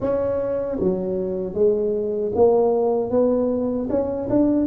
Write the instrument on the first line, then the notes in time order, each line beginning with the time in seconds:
tuba
0.00 C#4
0.79 F#3
1.53 G#3
2.35 A#3
3.10 B3
3.89 C#4
4.29 D4